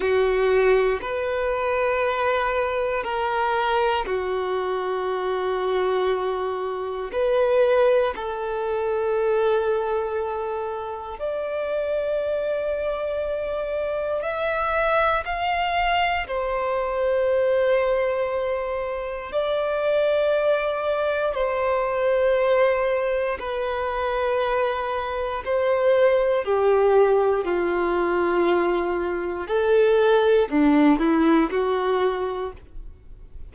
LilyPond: \new Staff \with { instrumentName = "violin" } { \time 4/4 \tempo 4 = 59 fis'4 b'2 ais'4 | fis'2. b'4 | a'2. d''4~ | d''2 e''4 f''4 |
c''2. d''4~ | d''4 c''2 b'4~ | b'4 c''4 g'4 f'4~ | f'4 a'4 d'8 e'8 fis'4 | }